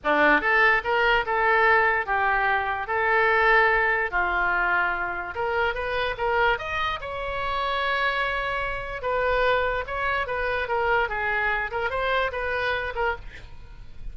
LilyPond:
\new Staff \with { instrumentName = "oboe" } { \time 4/4 \tempo 4 = 146 d'4 a'4 ais'4 a'4~ | a'4 g'2 a'4~ | a'2 f'2~ | f'4 ais'4 b'4 ais'4 |
dis''4 cis''2.~ | cis''2 b'2 | cis''4 b'4 ais'4 gis'4~ | gis'8 ais'8 c''4 b'4. ais'8 | }